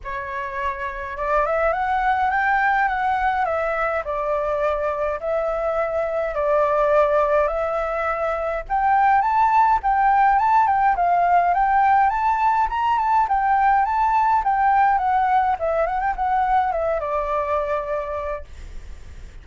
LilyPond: \new Staff \with { instrumentName = "flute" } { \time 4/4 \tempo 4 = 104 cis''2 d''8 e''8 fis''4 | g''4 fis''4 e''4 d''4~ | d''4 e''2 d''4~ | d''4 e''2 g''4 |
a''4 g''4 a''8 g''8 f''4 | g''4 a''4 ais''8 a''8 g''4 | a''4 g''4 fis''4 e''8 fis''16 g''16 | fis''4 e''8 d''2~ d''8 | }